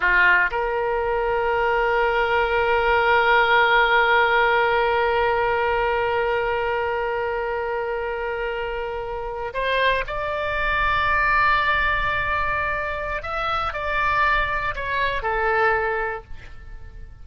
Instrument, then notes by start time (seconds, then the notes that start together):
oboe
0.00 F4
0.50 A#4
9.53 C5
10.07 D5
13.22 E5
13.73 D5
14.75 C#5
15.22 A4